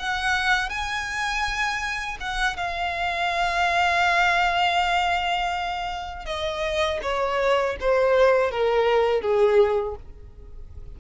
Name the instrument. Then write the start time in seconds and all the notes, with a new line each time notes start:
violin
0.00 F#5
0.70 G#5
2.21 F#5
2.57 F5
6.26 D#5
7.03 C#5
7.80 C5
8.52 A#4
9.22 G#4